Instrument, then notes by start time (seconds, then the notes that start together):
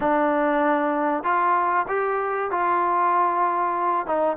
trombone
0.00 D4
1.23 F4
1.88 G4
2.50 F4
4.06 D#4